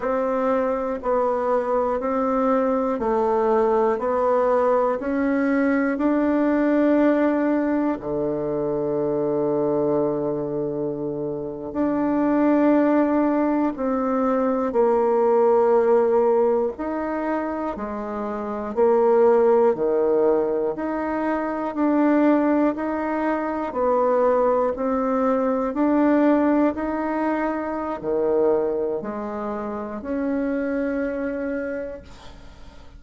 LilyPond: \new Staff \with { instrumentName = "bassoon" } { \time 4/4 \tempo 4 = 60 c'4 b4 c'4 a4 | b4 cis'4 d'2 | d2.~ d8. d'16~ | d'4.~ d'16 c'4 ais4~ ais16~ |
ais8. dis'4 gis4 ais4 dis16~ | dis8. dis'4 d'4 dis'4 b16~ | b8. c'4 d'4 dis'4~ dis'16 | dis4 gis4 cis'2 | }